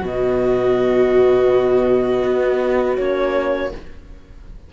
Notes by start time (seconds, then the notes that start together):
0.00 B2 B3 F#4 D#5
2.24 B3
2.98 A#3 C#4 C#5